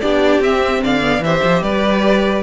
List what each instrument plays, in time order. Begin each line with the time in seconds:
0.00 cello B3, viola D4, violin G4 D5
0.39 cello C4, viola C4, violin E5
0.83 cello D3, violin D5 F5
1.00 viola B3
1.20 cello E3, viola G4, violin C5 E5
1.43 cello F3
1.61 cello G3, violin B4 D5